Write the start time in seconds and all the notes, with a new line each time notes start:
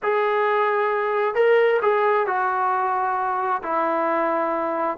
0.02 G#4
1.34 A#4
1.82 G#4
2.26 F#4
3.62 E4